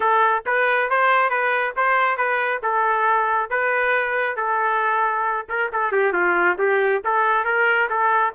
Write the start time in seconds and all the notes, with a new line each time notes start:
0.00 A4
0.46 B4
0.90 C5
1.29 B4
1.76 C5
2.17 B4
2.63 A4
3.50 B4
4.36 A4
5.49 A#4
5.72 A4
5.92 G4
6.13 F4
6.58 G4
7.04 A4
7.45 A#4
7.89 A4